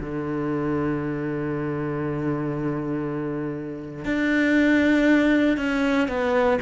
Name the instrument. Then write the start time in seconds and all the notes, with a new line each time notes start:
cello
0.00 D3
4.04 D4
5.57 C#4
6.08 B3